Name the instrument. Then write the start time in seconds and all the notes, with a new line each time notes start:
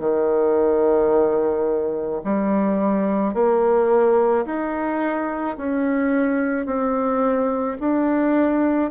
bassoon
0.00 D#3
2.24 G3
3.34 A#3
4.46 D#4
5.58 C#4
6.66 C4
7.80 D4